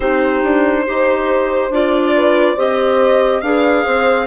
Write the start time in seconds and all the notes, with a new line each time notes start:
0.00 C4 D#4 G4 C5
0.42 D4
0.86 D#4 G4 C5
1.70 D4 F4 D5
2.15 B4
2.55 C4 G4 C5 D#5
3.41 D4 G#4 B4 F5
3.84 C4 C5